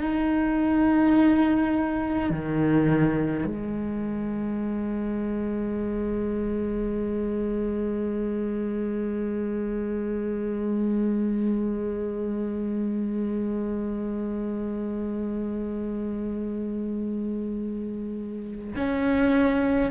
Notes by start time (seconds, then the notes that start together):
0.00 D#4
2.30 D#3
3.45 G#3
18.76 C#4